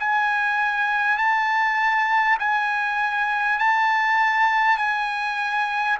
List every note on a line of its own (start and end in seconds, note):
0.00 1.18 G#5
1.18 2.38 A5
2.39 3.59 G#5
3.59 4.78 A5
4.78 5.98 G#5